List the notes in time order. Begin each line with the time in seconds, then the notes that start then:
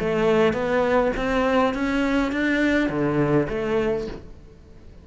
0.00 A3
0.53 B3
1.17 C4
1.74 C#4
2.32 D4
2.89 D3
3.49 A3